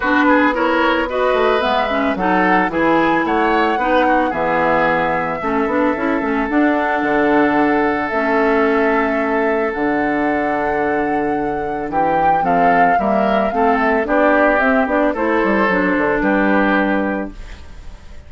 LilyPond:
<<
  \new Staff \with { instrumentName = "flute" } { \time 4/4 \tempo 4 = 111 b'4 cis''4 dis''4 e''4 | fis''4 gis''4 fis''2 | e''1 | fis''2. e''4~ |
e''2 fis''2~ | fis''2 g''4 f''4 | e''4 f''8 e''8 d''4 e''8 d''8 | c''2 b'2 | }
  \new Staff \with { instrumentName = "oboe" } { \time 4/4 fis'8 gis'8 ais'4 b'2 | a'4 gis'4 cis''4 b'8 fis'8 | gis'2 a'2~ | a'1~ |
a'1~ | a'2 g'4 a'4 | ais'4 a'4 g'2 | a'2 g'2 | }
  \new Staff \with { instrumentName = "clarinet" } { \time 4/4 d'4 e'4 fis'4 b8 cis'8 | dis'4 e'2 dis'4 | b2 cis'8 d'8 e'8 cis'8 | d'2. cis'4~ |
cis'2 d'2~ | d'2. c'4 | ais4 c'4 d'4 c'8 d'8 | e'4 d'2. | }
  \new Staff \with { instrumentName = "bassoon" } { \time 4/4 b2~ b8 a8 gis4 | fis4 e4 a4 b4 | e2 a8 b8 cis'8 a8 | d'4 d2 a4~ |
a2 d2~ | d2 e4 f4 | g4 a4 b4 c'8 b8 | a8 g8 fis8 d8 g2 | }
>>